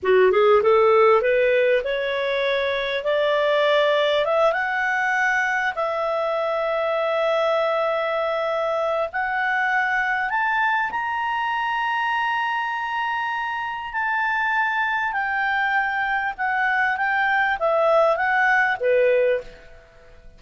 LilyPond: \new Staff \with { instrumentName = "clarinet" } { \time 4/4 \tempo 4 = 99 fis'8 gis'8 a'4 b'4 cis''4~ | cis''4 d''2 e''8 fis''8~ | fis''4. e''2~ e''8~ | e''2. fis''4~ |
fis''4 a''4 ais''2~ | ais''2. a''4~ | a''4 g''2 fis''4 | g''4 e''4 fis''4 b'4 | }